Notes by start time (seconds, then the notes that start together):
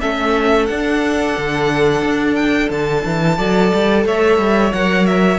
0.00 A3 C#4 A4 E5
0.66 D4 F#5
1.37 D3
2.02 D4
2.35 G5
2.70 D3 A5
3.05 E3
3.37 F#3 A4 D5
3.73 G3
4.05 A3 C#5 E5
4.38 G3
4.73 F#3 A#4 F#5
5.06 E5